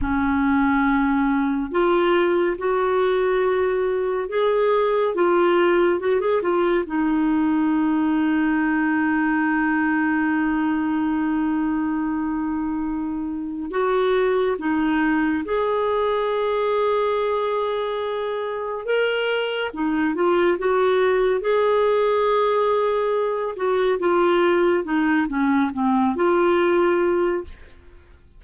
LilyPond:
\new Staff \with { instrumentName = "clarinet" } { \time 4/4 \tempo 4 = 70 cis'2 f'4 fis'4~ | fis'4 gis'4 f'4 fis'16 gis'16 f'8 | dis'1~ | dis'1 |
fis'4 dis'4 gis'2~ | gis'2 ais'4 dis'8 f'8 | fis'4 gis'2~ gis'8 fis'8 | f'4 dis'8 cis'8 c'8 f'4. | }